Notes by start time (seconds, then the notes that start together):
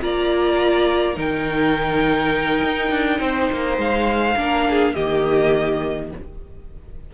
0.00 A#3 F4 D5 A#5
1.15 D#3 D#4 A#4 G5
2.63 D#4
2.91 D4
3.20 C4 C5
3.52 A#3
3.78 G#3 F5
4.37 A#3 D4 A#4
4.70 G#4
4.94 D#3 A#3 G4 D#5